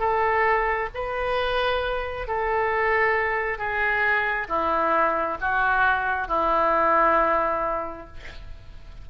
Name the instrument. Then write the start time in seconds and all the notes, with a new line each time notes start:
oboe
0.00 A4
0.94 B4
2.28 A4
3.59 G#4
4.49 E4
5.41 F#4
6.28 E4